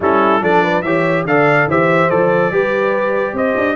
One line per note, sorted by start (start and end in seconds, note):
0.00 0.41 G3
0.00 0.41 C#4
0.00 0.41 E4
0.00 0.43 A4
0.41 0.83 F3
0.41 0.83 D4
0.41 0.62 A4
0.41 0.81 D5
0.62 0.83 B4
0.81 1.25 E3
0.81 1.27 G4
0.81 1.26 C#5
0.81 1.23 E5
1.25 1.67 D3
1.25 1.69 A4
1.25 1.68 D5
1.25 1.68 F5
1.67 2.09 E3
1.67 2.10 G4
1.67 2.52 C5
1.67 2.10 E5
2.10 2.51 F3
2.10 2.51 A4
2.10 3.36 D5
2.51 3.33 G3
2.51 3.75 G4
2.51 3.33 B4
3.33 3.54 C4
3.33 3.75 C5
3.33 3.75 D#5
3.56 3.75 D4